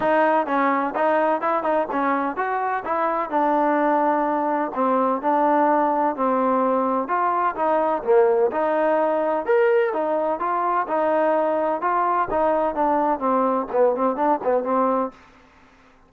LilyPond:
\new Staff \with { instrumentName = "trombone" } { \time 4/4 \tempo 4 = 127 dis'4 cis'4 dis'4 e'8 dis'8 | cis'4 fis'4 e'4 d'4~ | d'2 c'4 d'4~ | d'4 c'2 f'4 |
dis'4 ais4 dis'2 | ais'4 dis'4 f'4 dis'4~ | dis'4 f'4 dis'4 d'4 | c'4 b8 c'8 d'8 b8 c'4 | }